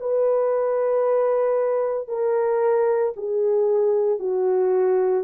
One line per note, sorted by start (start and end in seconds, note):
0.00 2.08 B4
2.08 3.13 A#4
3.16 4.19 G#4
4.19 5.23 F#4